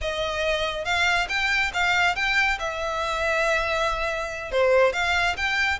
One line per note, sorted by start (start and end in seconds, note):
0.01 0.84 D#5
0.84 1.27 F5
1.28 1.71 G5
1.73 2.15 F5
2.15 2.58 G5
2.59 4.51 E5
4.51 4.93 C5
4.93 5.36 F5
5.36 5.79 G5